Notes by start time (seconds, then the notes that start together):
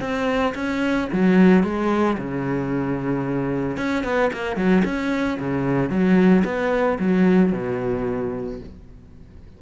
0.00 C4
0.55 C#4
1.12 F#3
1.63 G#3
2.18 C#3
3.77 C#4
4.04 B3
4.33 A#3
4.56 F#3
4.85 C#4
5.39 C#3
5.90 F#3
6.44 B3
6.99 F#3
7.52 B2